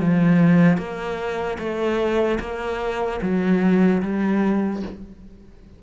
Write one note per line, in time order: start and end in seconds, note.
0.00 0.77 F3
0.77 1.57 A#3
1.59 2.39 A3
2.40 3.20 A#3
3.22 4.02 F#3
4.03 4.83 G3